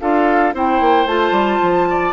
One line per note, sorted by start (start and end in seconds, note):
0.00 0.53 D4
0.00 0.54 F4
0.00 0.54 A4
0.00 0.54 F5
0.53 0.80 C4
0.53 1.07 E4
0.53 1.88 C5
0.53 1.07 G5
0.80 1.05 A#3
1.05 1.31 A3
1.05 2.12 F4
1.05 2.12 A5
1.31 1.58 G3
1.62 2.12 F3
1.90 2.12 D5